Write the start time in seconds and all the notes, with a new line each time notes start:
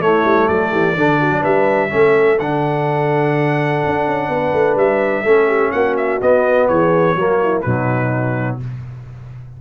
0.00 A3 E4 C#5
0.24 G3
0.48 F#3 A4 D5
0.71 E3 G4
0.95 D3 D4 A4
1.20 F#4
1.30 F#3
1.41 G3 B4 E5
1.89 A3 C#4 A4
2.39 D3 D4 F#5
3.86 D4
4.07 C#4
4.28 B3 B4
4.53 A3
4.75 G3 E5
5.24 A3 C#4 A4
5.47 G4
5.71 A#3 F#4 F#5
5.96 E5
6.21 B3 D#5
6.68 E3 G#4 C#5
7.15 F#3 A#3 F#4
7.42 E4
7.61 B2 F#3 D#4 B4